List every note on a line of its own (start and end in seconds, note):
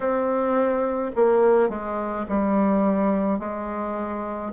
0.00 1.11 C4
1.15 1.69 A#3
1.69 2.25 G#3
2.28 3.39 G3
3.39 4.52 G#3